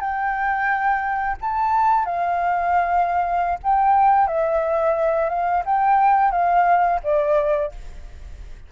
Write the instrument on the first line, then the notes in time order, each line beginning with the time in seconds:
flute
0.00 G5
1.41 A5
2.05 F5
3.63 G5
4.27 E5
5.29 F5
5.65 G5
6.31 F5
7.03 D5